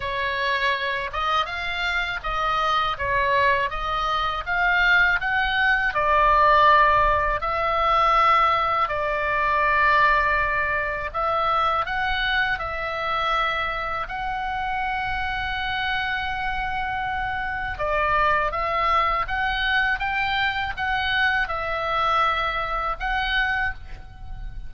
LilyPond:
\new Staff \with { instrumentName = "oboe" } { \time 4/4 \tempo 4 = 81 cis''4. dis''8 f''4 dis''4 | cis''4 dis''4 f''4 fis''4 | d''2 e''2 | d''2. e''4 |
fis''4 e''2 fis''4~ | fis''1 | d''4 e''4 fis''4 g''4 | fis''4 e''2 fis''4 | }